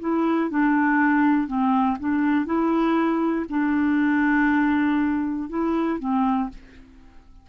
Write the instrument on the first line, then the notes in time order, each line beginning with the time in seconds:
clarinet
0.00 E4
0.50 D4
1.47 C4
2.00 D4
2.46 E4
3.50 D4
5.49 E4
6.00 C4